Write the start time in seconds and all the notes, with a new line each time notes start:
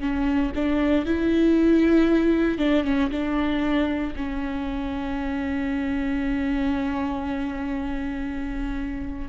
0.00 C#4
0.55 D4
1.05 E4
2.58 D4
2.84 C#4
3.10 D4
4.16 C#4